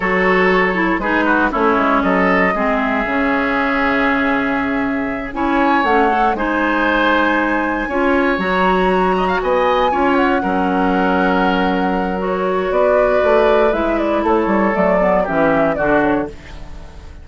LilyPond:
<<
  \new Staff \with { instrumentName = "flute" } { \time 4/4 \tempo 4 = 118 cis''2 b'4 cis''4 | dis''4. e''2~ e''8~ | e''2~ e''8 gis''4 fis''8~ | fis''8 gis''2.~ gis''8~ |
gis''8 ais''2 gis''4. | fis''1 | cis''4 d''2 e''8 d''8 | cis''4 d''4 e''4 d''8 cis''8 | }
  \new Staff \with { instrumentName = "oboe" } { \time 4/4 a'2 gis'8 fis'8 e'4 | a'4 gis'2.~ | gis'2~ gis'8 cis''4.~ | cis''8 c''2. cis''8~ |
cis''2 dis''16 f''16 dis''4 cis''8~ | cis''8 ais'2.~ ais'8~ | ais'4 b'2. | a'2 g'4 fis'4 | }
  \new Staff \with { instrumentName = "clarinet" } { \time 4/4 fis'4. e'8 dis'4 cis'4~ | cis'4 c'4 cis'2~ | cis'2~ cis'8 e'4 cis'8 | a'8 dis'2. f'8~ |
f'8 fis'2. f'8~ | f'8 cis'2.~ cis'8 | fis'2. e'4~ | e'4 a8 b8 cis'4 d'4 | }
  \new Staff \with { instrumentName = "bassoon" } { \time 4/4 fis2 gis4 a8 gis8 | fis4 gis4 cis2~ | cis2~ cis8 cis'4 a8~ | a8 gis2. cis'8~ |
cis'8 fis2 b4 cis'8~ | cis'8 fis2.~ fis8~ | fis4 b4 a4 gis4 | a8 g8 fis4 e4 d4 | }
>>